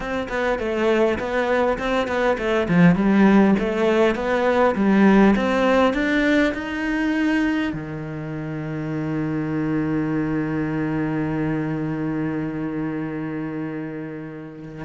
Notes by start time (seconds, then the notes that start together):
0.00 C4
0.29 B3
0.59 A3
1.18 B3
1.78 C4
2.07 B3
2.38 A3
2.68 F3
2.95 G3
3.59 A3
4.15 B3
4.75 G3
5.36 C4
5.93 D4
6.53 D#4
7.73 D#3